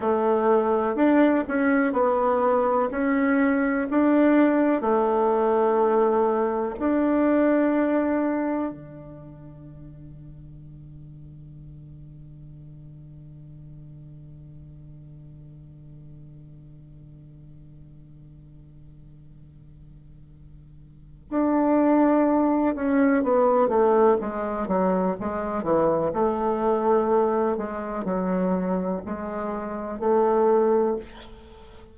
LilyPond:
\new Staff \with { instrumentName = "bassoon" } { \time 4/4 \tempo 4 = 62 a4 d'8 cis'8 b4 cis'4 | d'4 a2 d'4~ | d'4 d2.~ | d1~ |
d1~ | d2 d'4. cis'8 | b8 a8 gis8 fis8 gis8 e8 a4~ | a8 gis8 fis4 gis4 a4 | }